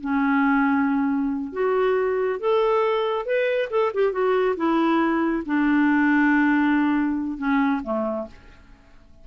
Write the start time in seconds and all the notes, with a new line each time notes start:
0.00 C#4
1.52 F#4
2.39 A4
3.25 B4
3.70 A4
3.93 G4
4.12 F#4
4.56 E4
5.45 D4
7.37 C#4
7.83 A3